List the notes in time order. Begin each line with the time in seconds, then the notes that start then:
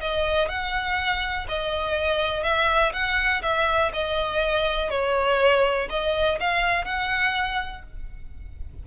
0.00 D#5
0.48 F#5
1.48 D#5
2.43 E5
2.92 F#5
3.42 E5
3.93 D#5
4.90 C#5
5.89 D#5
6.40 F5
6.85 F#5